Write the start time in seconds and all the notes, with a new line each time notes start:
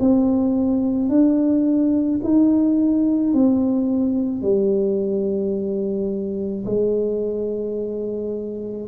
0.00 C4
1.09 D4
2.24 D#4
3.34 C4
4.42 G3
6.66 G#3